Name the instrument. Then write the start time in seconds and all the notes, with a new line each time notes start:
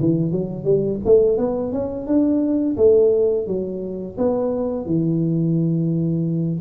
tuba
0.00 E3
0.31 F#3
0.64 G3
1.05 A3
1.38 B3
1.72 C#4
2.07 D4
2.77 A3
3.47 F#3
4.18 B3
4.85 E3